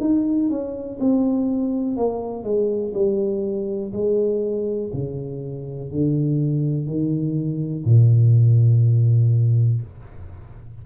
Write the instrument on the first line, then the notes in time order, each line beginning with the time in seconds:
tuba
0.00 D#4
0.49 C#4
1.00 C4
1.96 A#3
2.43 G#3
2.94 G3
3.93 G#3
4.93 C#3
5.91 D3
6.86 D#3
7.85 A#2